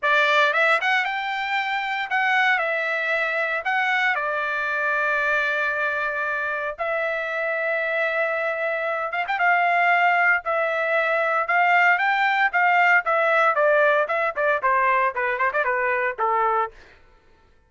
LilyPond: \new Staff \with { instrumentName = "trumpet" } { \time 4/4 \tempo 4 = 115 d''4 e''8 fis''8 g''2 | fis''4 e''2 fis''4 | d''1~ | d''4 e''2.~ |
e''4. f''16 g''16 f''2 | e''2 f''4 g''4 | f''4 e''4 d''4 e''8 d''8 | c''4 b'8 c''16 d''16 b'4 a'4 | }